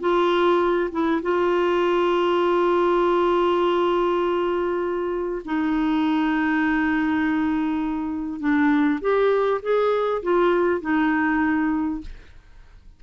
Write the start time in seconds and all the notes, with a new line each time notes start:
0.00 F4
0.91 E4
1.22 F4
5.45 D#4
8.40 D4
9.01 G4
9.62 G#4
10.23 F4
10.81 D#4